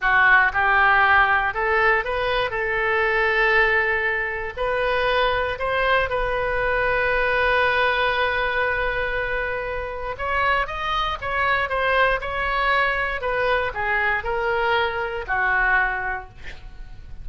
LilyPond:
\new Staff \with { instrumentName = "oboe" } { \time 4/4 \tempo 4 = 118 fis'4 g'2 a'4 | b'4 a'2.~ | a'4 b'2 c''4 | b'1~ |
b'1 | cis''4 dis''4 cis''4 c''4 | cis''2 b'4 gis'4 | ais'2 fis'2 | }